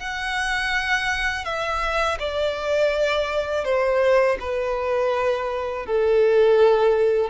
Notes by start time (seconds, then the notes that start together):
0.00 F#5
1.45 E5
2.20 D5
3.65 C5
4.41 B4
5.86 A4